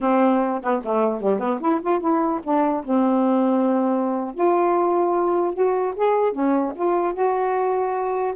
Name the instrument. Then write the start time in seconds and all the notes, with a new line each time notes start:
saxophone
0.00 C4
0.62 B3
0.84 A3
1.21 G3
1.39 B3
1.60 E4
1.81 F4
2.00 E4
2.43 D4
2.84 C4
4.34 F4
5.54 F#4
5.96 G#4
6.32 C#4
6.75 F4
7.13 F#4